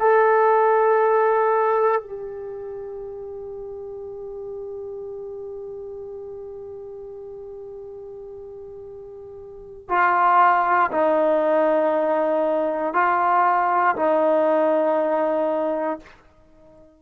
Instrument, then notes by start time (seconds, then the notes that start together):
trombone
0.00 A4
2.02 G4
9.89 F4
10.91 D#4
12.94 F4
13.96 D#4